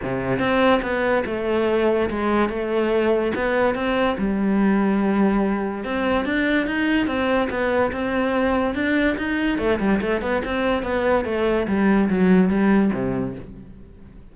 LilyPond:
\new Staff \with { instrumentName = "cello" } { \time 4/4 \tempo 4 = 144 c4 c'4 b4 a4~ | a4 gis4 a2 | b4 c'4 g2~ | g2 c'4 d'4 |
dis'4 c'4 b4 c'4~ | c'4 d'4 dis'4 a8 g8 | a8 b8 c'4 b4 a4 | g4 fis4 g4 c4 | }